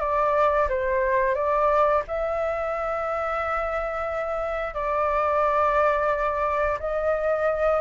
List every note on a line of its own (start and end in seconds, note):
0.00 0.68 D5
0.69 1.35 C5
1.35 2.03 D5
2.08 4.74 E5
4.74 6.78 D5
6.80 7.80 D#5